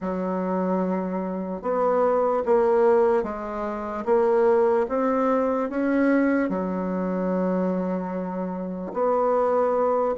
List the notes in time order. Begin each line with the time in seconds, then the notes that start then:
0.00 F#3
1.62 B3
2.45 A#3
3.23 G#3
4.05 A#3
4.88 C4
5.69 C#4
6.49 F#3
8.93 B3